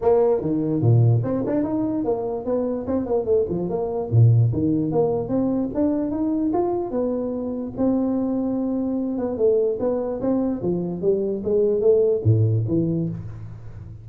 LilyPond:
\new Staff \with { instrumentName = "tuba" } { \time 4/4 \tempo 4 = 147 ais4 dis4 ais,4 c'8 d'8 | dis'4 ais4 b4 c'8 ais8 | a8 f8 ais4 ais,4 dis4 | ais4 c'4 d'4 dis'4 |
f'4 b2 c'4~ | c'2~ c'8 b8 a4 | b4 c'4 f4 g4 | gis4 a4 a,4 e4 | }